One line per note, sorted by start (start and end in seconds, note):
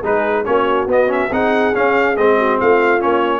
0.00 0.45 G#3
0.00 0.45 D#4
0.00 0.43 G#4
0.00 0.45 B4
0.45 0.86 A#3
0.45 0.87 C#4
0.45 1.31 F#4
0.45 0.87 C#5
0.86 1.29 B3
0.86 1.07 B3
0.86 1.11 D#5
1.07 1.28 C#4
1.07 1.33 E5
1.30 1.73 C4
1.30 1.73 D#4
1.30 2.37 G#4
1.30 1.75 F#5
1.73 2.16 C#4
1.73 2.17 C#4
1.73 2.16 F5
2.16 2.59 G#3
2.16 2.99 C4
2.16 2.59 D#5
2.37 2.58 F#4
2.58 3.03 A3
2.58 3.40 F4
2.58 3.01 F5
2.99 3.40 A#3
2.99 3.40 C#4
2.99 3.40 C#5